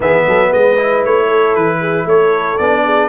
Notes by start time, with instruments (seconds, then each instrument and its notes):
0.00 tuba E3, trombone B3, horn G#4, trumpet E5
0.27 tuba F#3, horn A4
0.49 tuba G#3, horn B4, trumpet D#5
0.77 trombone E4
1.04 tuba A3, trumpet C#5
1.27 horn A4
1.55 tuba E3, trumpet B4
1.80 horn G#4
2.05 tuba A3, horn A4, trumpet C#5
2.57 tuba B3, trombone D4, trumpet D5
2.85 horn G#4